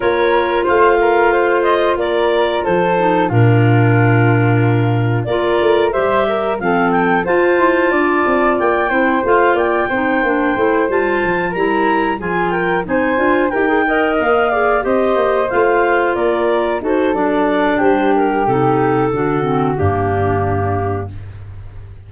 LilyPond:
<<
  \new Staff \with { instrumentName = "clarinet" } { \time 4/4 \tempo 4 = 91 cis''4 f''4. dis''8 d''4 | c''4 ais'2. | d''4 e''4 f''8 g''8 a''4~ | a''4 g''4 f''8 g''4.~ |
g''8 a''4 ais''4 gis''8 g''8 gis''8~ | gis''8 g''4 f''4 dis''4 f''8~ | f''8 d''4 c''8 d''4 c''8 ais'8 | a'2 g'2 | }
  \new Staff \with { instrumentName = "flute" } { \time 4/4 ais'4 c''8 ais'8 c''4 ais'4 | a'4 f'2. | ais'4 c''8 ais'8 a'4 c''4 | d''4. c''4 d''8 c''4~ |
c''4. ais'4 gis'8 ais'8 c''8~ | c''8 ais'8 dis''4 d''8 c''4.~ | c''8 ais'4 a'4. g'4~ | g'4 fis'4 d'2 | }
  \new Staff \with { instrumentName = "clarinet" } { \time 4/4 f'1~ | f'8 dis'8 d'2. | f'4 g'4 c'4 f'4~ | f'4. e'8 f'4 dis'8 d'8 |
e'8 f'4 e'4 f'4 dis'8 | f'8 g'16 gis'16 ais'4 gis'8 g'4 f'8~ | f'4. fis'8 d'2 | dis'4 d'8 c'8 ais2 | }
  \new Staff \with { instrumentName = "tuba" } { \time 4/4 ais4 a2 ais4 | f4 ais,2. | ais8 a8 g4 f4 f'8 e'8 | d'8 c'8 ais8 c'8 a8 ais8 c'8 ais8 |
a8 g8 f8 g4 f4 c'8 | d'8 dis'4 ais4 c'8 ais8 a8~ | a8 ais4 dis'8 fis4 g4 | c4 d4 g,2 | }
>>